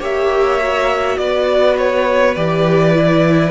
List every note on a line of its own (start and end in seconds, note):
0.00 1.18 A#3
0.00 0.59 G4
0.00 1.18 C#5
0.00 1.18 E5
0.59 2.36 F#4
1.18 2.36 B3
1.18 3.51 B4
1.18 1.77 D5
1.78 2.35 C#5
2.35 3.51 E3
2.35 2.95 G4
2.35 3.51 D5
2.95 3.51 E4